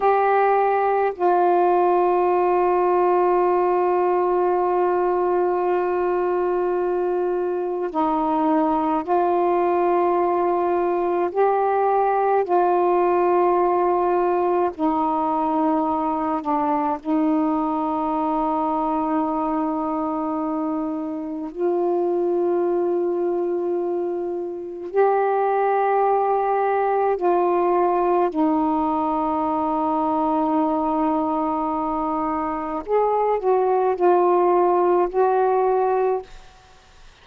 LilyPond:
\new Staff \with { instrumentName = "saxophone" } { \time 4/4 \tempo 4 = 53 g'4 f'2.~ | f'2. dis'4 | f'2 g'4 f'4~ | f'4 dis'4. d'8 dis'4~ |
dis'2. f'4~ | f'2 g'2 | f'4 dis'2.~ | dis'4 gis'8 fis'8 f'4 fis'4 | }